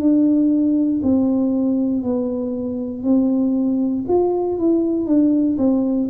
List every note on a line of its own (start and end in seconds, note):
0.00 1.02 D4
1.03 2.03 C4
2.03 3.04 B3
3.04 4.05 C4
4.08 4.59 F4
4.59 5.07 E4
5.07 5.57 D4
5.58 6.09 C4